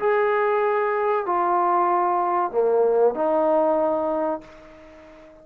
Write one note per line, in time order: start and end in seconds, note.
0.00 1.26 G#4
1.26 2.52 F4
2.52 3.15 A#3
3.15 4.41 D#4